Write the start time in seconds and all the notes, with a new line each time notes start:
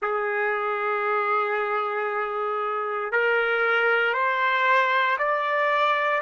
0.01 G#4
3.12 A#4
4.13 C5
5.18 D5